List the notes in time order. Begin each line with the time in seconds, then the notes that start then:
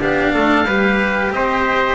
0.00 B3 D4 G4 F5
0.34 A3 A4
0.65 G3 G4 B4
1.31 C4 C5 D#5